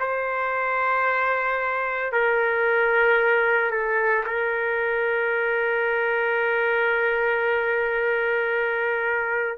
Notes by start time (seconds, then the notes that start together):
0.00 C5
2.13 A#4
3.72 A4
4.26 A#4